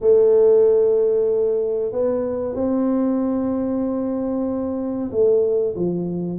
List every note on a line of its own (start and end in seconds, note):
0.00 1.92 A3
1.92 2.55 B3
2.55 5.10 C4
5.11 5.74 A3
5.76 6.38 F3